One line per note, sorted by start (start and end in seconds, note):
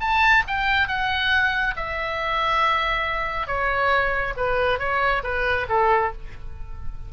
0.00 0.43 A5
0.48 0.88 G5
0.88 1.75 F#5
1.76 3.47 E5
3.47 4.34 C#5
4.37 4.79 B4
4.79 5.23 C#5
5.24 5.67 B4
5.69 6.12 A4